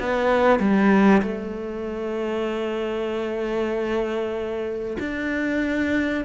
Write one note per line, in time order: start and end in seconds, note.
0.00 0.59 B3
0.59 1.22 G3
1.22 4.97 A3
5.00 6.25 D4